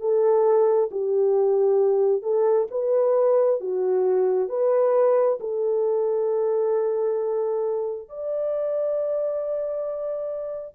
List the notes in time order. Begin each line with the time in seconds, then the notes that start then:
0.00 A4
0.91 G4
2.22 A4
2.71 B4
3.60 F#4
4.49 B4
5.40 A4
8.09 D5